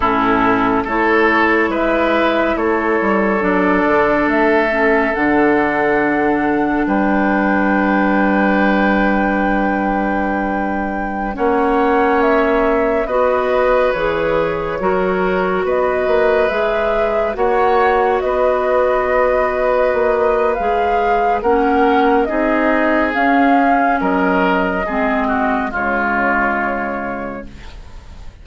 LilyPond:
<<
  \new Staff \with { instrumentName = "flute" } { \time 4/4 \tempo 4 = 70 a'4 cis''4 e''4 cis''4 | d''4 e''4 fis''2 | g''1~ | g''4~ g''16 fis''4 e''4 dis''8.~ |
dis''16 cis''2 dis''4 e''8.~ | e''16 fis''4 dis''2~ dis''8. | f''4 fis''4 dis''4 f''4 | dis''2 cis''2 | }
  \new Staff \with { instrumentName = "oboe" } { \time 4/4 e'4 a'4 b'4 a'4~ | a'1 | b'1~ | b'4~ b'16 cis''2 b'8.~ |
b'4~ b'16 ais'4 b'4.~ b'16~ | b'16 cis''4 b'2~ b'8.~ | b'4 ais'4 gis'2 | ais'4 gis'8 fis'8 f'2 | }
  \new Staff \with { instrumentName = "clarinet" } { \time 4/4 cis'4 e'2. | d'4. cis'8 d'2~ | d'1~ | d'4~ d'16 cis'2 fis'8.~ |
fis'16 gis'4 fis'2 gis'8.~ | gis'16 fis'2.~ fis'8. | gis'4 cis'4 dis'4 cis'4~ | cis'4 c'4 gis2 | }
  \new Staff \with { instrumentName = "bassoon" } { \time 4/4 a,4 a4 gis4 a8 g8 | fis8 d8 a4 d2 | g1~ | g4~ g16 ais2 b8.~ |
b16 e4 fis4 b8 ais8 gis8.~ | gis16 ais4 b2 ais8. | gis4 ais4 c'4 cis'4 | fis4 gis4 cis2 | }
>>